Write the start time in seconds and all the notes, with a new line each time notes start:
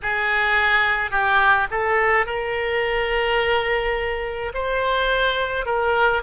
0.02 G#4
1.10 G4
1.70 A4
2.26 A#4
4.54 C5
5.66 A#4